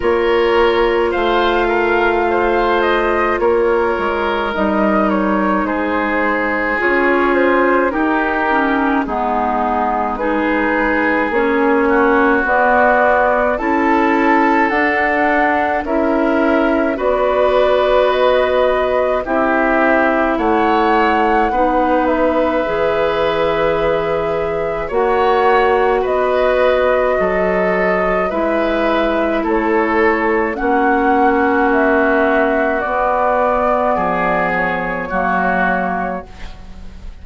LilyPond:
<<
  \new Staff \with { instrumentName = "flute" } { \time 4/4 \tempo 4 = 53 cis''4 f''4. dis''8 cis''4 | dis''8 cis''8 c''4 cis''8 c''8 ais'4 | gis'4 b'4 cis''4 d''4 | a''4 fis''4 e''4 d''4 |
dis''4 e''4 fis''4. e''8~ | e''2 fis''4 dis''4~ | dis''4 e''4 cis''4 fis''4 | e''4 d''4. cis''4. | }
  \new Staff \with { instrumentName = "oboe" } { \time 4/4 ais'4 c''8 ais'8 c''4 ais'4~ | ais'4 gis'2 g'4 | dis'4 gis'4. fis'4. | a'2 ais'4 b'4~ |
b'4 g'4 cis''4 b'4~ | b'2 cis''4 b'4 | a'4 b'4 a'4 fis'4~ | fis'2 gis'4 fis'4 | }
  \new Staff \with { instrumentName = "clarinet" } { \time 4/4 f'1 | dis'2 f'4 dis'8 cis'8 | b4 dis'4 cis'4 b4 | e'4 d'4 e'4 fis'4~ |
fis'4 e'2 dis'4 | gis'2 fis'2~ | fis'4 e'2 cis'4~ | cis'4 b2 ais4 | }
  \new Staff \with { instrumentName = "bassoon" } { \time 4/4 ais4 a2 ais8 gis8 | g4 gis4 cis'4 dis'4 | gis2 ais4 b4 | cis'4 d'4 cis'4 b4~ |
b4 c'4 a4 b4 | e2 ais4 b4 | fis4 gis4 a4 ais4~ | ais4 b4 f4 fis4 | }
>>